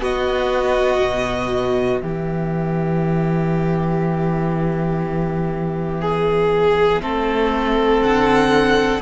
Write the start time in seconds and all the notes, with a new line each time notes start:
0.00 B3 F#4 D#5
1.02 B2
2.02 E3 G4 E5
6.02 G#4
7.02 A3 C4 A4
8.02 D3 F#5